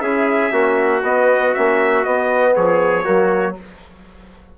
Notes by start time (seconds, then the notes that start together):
0.00 C#4 E4 G#4 E5
0.51 A#3 C#4 F#4
1.02 B3 D#5
1.54 A#3 C#4 E5
2.04 B3 D#5
2.55 F3 G#4 C#5
3.03 F#3 A#3 F#4